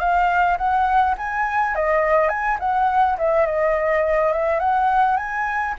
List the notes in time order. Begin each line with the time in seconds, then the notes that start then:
0.00 F5
0.58 F#5
1.18 G#5
1.75 D#5
2.29 G#5
2.60 F#5
3.19 E5
3.46 D#5
4.33 E5
4.60 F#5
5.17 G#5